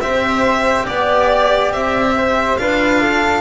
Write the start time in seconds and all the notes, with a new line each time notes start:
0.00 C4 G4 C5 E5
0.85 B3 D5
1.71 C4 E5
2.17 C5
2.57 D4 F4 B4 F5
3.01 A4